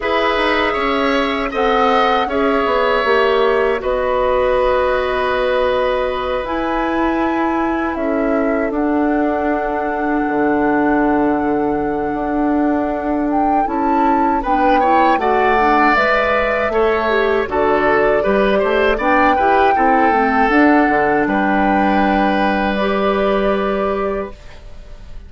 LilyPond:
<<
  \new Staff \with { instrumentName = "flute" } { \time 4/4 \tempo 4 = 79 e''2 fis''4 e''4~ | e''4 dis''2.~ | dis''8 gis''2 e''4 fis''8~ | fis''1~ |
fis''4. g''8 a''4 g''4 | fis''4 e''2 d''4~ | d''4 g''2 fis''4 | g''2 d''2 | }
  \new Staff \with { instrumentName = "oboe" } { \time 4/4 b'4 cis''4 dis''4 cis''4~ | cis''4 b'2.~ | b'2~ b'8 a'4.~ | a'1~ |
a'2. b'8 cis''8 | d''2 cis''4 a'4 | b'8 c''8 d''8 b'8 a'2 | b'1 | }
  \new Staff \with { instrumentName = "clarinet" } { \time 4/4 gis'2 a'4 gis'4 | g'4 fis'2.~ | fis'8 e'2. d'8~ | d'1~ |
d'2 e'4 d'8 e'8 | fis'8 d'8 b'4 a'8 g'8 fis'4 | g'4 d'8 g'8 e'8 c'8 d'4~ | d'2 g'2 | }
  \new Staff \with { instrumentName = "bassoon" } { \time 4/4 e'8 dis'8 cis'4 c'4 cis'8 b8 | ais4 b2.~ | b8 e'2 cis'4 d'8~ | d'4. d2~ d8 |
d'2 cis'4 b4 | a4 gis4 a4 d4 | g8 a8 b8 e'8 c'8 a8 d'8 d8 | g1 | }
>>